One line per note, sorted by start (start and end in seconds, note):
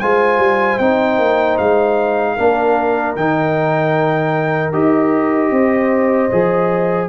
0.00 0.39 G#3
0.00 0.80 F4
0.00 2.36 C5
0.00 0.79 G#5
0.39 0.78 G3
0.79 1.19 C4
0.79 2.38 D#4
0.79 1.58 G5
1.19 1.58 A#3
1.58 2.38 G#3
1.58 3.16 F5
2.36 3.16 A#3
2.36 3.17 D4
2.36 5.51 A#4
3.16 4.74 D#3
3.16 4.73 D#4
3.16 4.73 G5
4.73 5.51 D#4
4.73 6.30 G4
4.73 7.09 D#5
5.51 6.30 C4
5.51 7.09 C5
6.32 7.09 F3
6.32 7.09 G#4